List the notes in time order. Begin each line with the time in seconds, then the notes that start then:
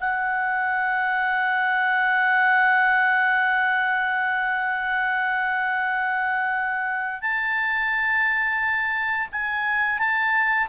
0.00 F#5
7.21 A5
9.32 G#5
9.99 A5